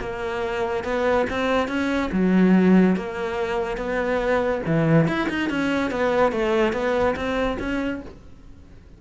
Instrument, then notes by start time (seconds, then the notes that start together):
cello
0.00 A#3
0.84 B3
1.30 C4
1.68 C#4
2.12 F#3
2.96 A#3
3.77 B3
4.66 E3
5.08 E4
5.29 D#4
5.49 C#4
5.91 B3
6.32 A3
6.73 B3
7.16 C4
7.59 C#4